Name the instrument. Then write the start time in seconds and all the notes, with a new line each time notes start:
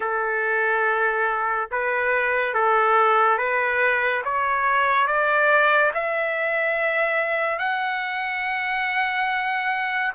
trumpet
0.00 A4
1.71 B4
2.54 A4
3.38 B4
4.24 C#5
5.07 D5
5.94 E5
7.58 F#5